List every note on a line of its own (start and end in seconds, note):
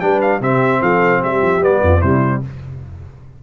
0.00 0.40 G3
0.00 0.41 D4
0.00 0.40 B4
0.00 0.20 G5
0.21 0.41 F5
0.40 0.81 C3
0.40 1.61 C4
0.40 0.81 G4
0.40 0.83 E5
0.82 1.22 F3
0.82 1.22 A4
0.82 1.23 F5
1.22 1.42 G3
1.22 1.82 G4
1.22 1.64 E5
1.42 1.60 F3
1.60 1.80 G3
1.60 2.02 B3
1.60 2.01 D5
1.82 2.02 F2
1.82 2.00 F4
2.00 2.42 C3
2.00 2.43 G3
2.00 2.40 E4
2.00 2.41 C5